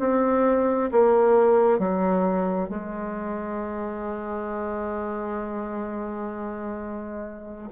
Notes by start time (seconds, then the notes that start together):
0.00 C4
0.92 A#3
1.79 F#3
2.69 G#3